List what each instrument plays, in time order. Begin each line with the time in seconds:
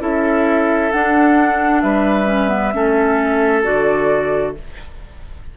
0.00 bassoon C#4, clarinet E4, oboe A4, flute E5
0.92 clarinet D4, bassoon D4, flute F#5
1.81 bassoon G3, oboe B4, flute E5
2.27 clarinet C#4
2.49 clarinet B3
2.74 bassoon A3, clarinet C#4, oboe A4
3.63 bassoon D3, clarinet F#4, flute D5